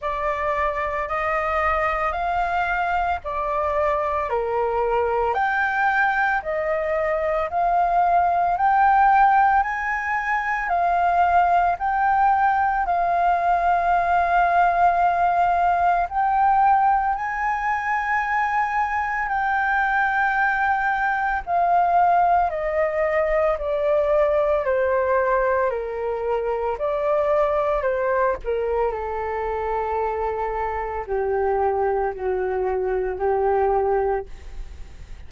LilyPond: \new Staff \with { instrumentName = "flute" } { \time 4/4 \tempo 4 = 56 d''4 dis''4 f''4 d''4 | ais'4 g''4 dis''4 f''4 | g''4 gis''4 f''4 g''4 | f''2. g''4 |
gis''2 g''2 | f''4 dis''4 d''4 c''4 | ais'4 d''4 c''8 ais'8 a'4~ | a'4 g'4 fis'4 g'4 | }